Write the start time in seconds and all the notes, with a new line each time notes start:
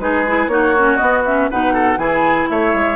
0.00 G#3 D#4 G#4 B4
0.27 E4
0.48 A#3 D#4 F#4 C#5
0.78 C#4
0.97 B3 D#5
1.26 C#4 E5
1.51 B2 D#4 B4 F#5
1.74 A4
1.98 E3 E4 G#4 G#5
2.50 A3 C#5 E5
2.74 G#3